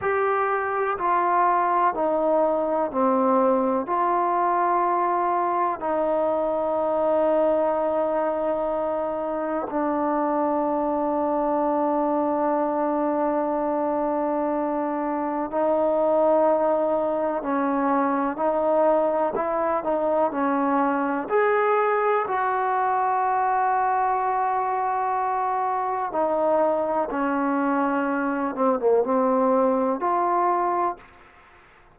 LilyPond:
\new Staff \with { instrumentName = "trombone" } { \time 4/4 \tempo 4 = 62 g'4 f'4 dis'4 c'4 | f'2 dis'2~ | dis'2 d'2~ | d'1 |
dis'2 cis'4 dis'4 | e'8 dis'8 cis'4 gis'4 fis'4~ | fis'2. dis'4 | cis'4. c'16 ais16 c'4 f'4 | }